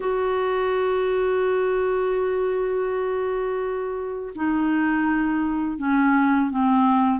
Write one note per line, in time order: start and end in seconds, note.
0.00 4.33 F#4
4.35 5.78 D#4
5.78 6.50 C#4
6.50 7.20 C4